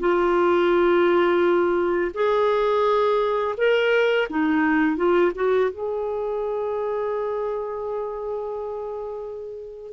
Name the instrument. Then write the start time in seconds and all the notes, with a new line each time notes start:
clarinet
0.00 F4
2.14 G#4
3.58 A#4
4.30 D#4
4.97 F4
5.36 F#4
5.71 G#4